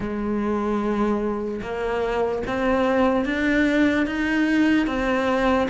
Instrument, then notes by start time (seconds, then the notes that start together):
cello
0.00 G#3
1.61 A#3
2.46 C4
3.25 D4
4.06 D#4
4.86 C4